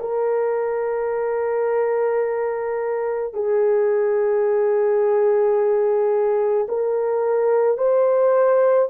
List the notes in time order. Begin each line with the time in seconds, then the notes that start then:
0.00 A#4
3.33 G#4
6.68 A#4
7.78 C5